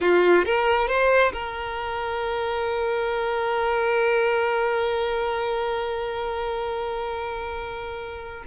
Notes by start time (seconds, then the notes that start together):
0.00 F4
0.45 A#4
0.87 C5
1.33 A#4